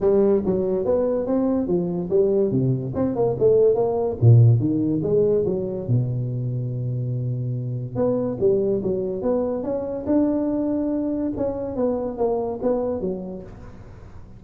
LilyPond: \new Staff \with { instrumentName = "tuba" } { \time 4/4 \tempo 4 = 143 g4 fis4 b4 c'4 | f4 g4 c4 c'8 ais8 | a4 ais4 ais,4 dis4 | gis4 fis4 b,2~ |
b,2. b4 | g4 fis4 b4 cis'4 | d'2. cis'4 | b4 ais4 b4 fis4 | }